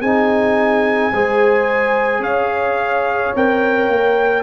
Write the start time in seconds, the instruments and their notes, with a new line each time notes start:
0.00 tuba C4, trombone D#4, horn G#4, trumpet G#5
1.12 tuba G#3, trombone G#4, horn C5
2.19 tuba C#4, horn C#5, trumpet F5
3.35 tuba C4, trombone A#4, trumpet G5
3.88 tuba A#3